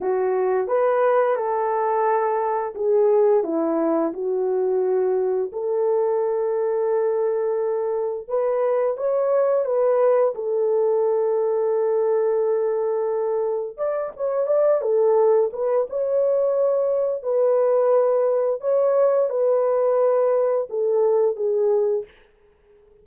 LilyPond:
\new Staff \with { instrumentName = "horn" } { \time 4/4 \tempo 4 = 87 fis'4 b'4 a'2 | gis'4 e'4 fis'2 | a'1 | b'4 cis''4 b'4 a'4~ |
a'1 | d''8 cis''8 d''8 a'4 b'8 cis''4~ | cis''4 b'2 cis''4 | b'2 a'4 gis'4 | }